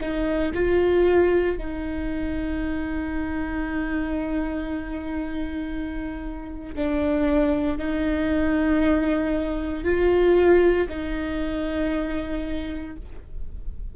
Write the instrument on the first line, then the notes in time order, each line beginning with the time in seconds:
viola
0.00 D#4
0.54 F4
1.57 D#4
6.75 D4
7.78 D#4
9.84 F4
10.89 D#4